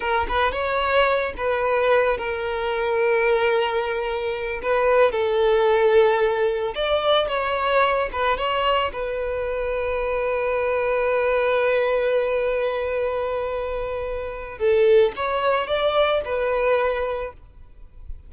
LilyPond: \new Staff \with { instrumentName = "violin" } { \time 4/4 \tempo 4 = 111 ais'8 b'8 cis''4. b'4. | ais'1~ | ais'8 b'4 a'2~ a'8~ | a'8 d''4 cis''4. b'8 cis''8~ |
cis''8 b'2.~ b'8~ | b'1~ | b'2. a'4 | cis''4 d''4 b'2 | }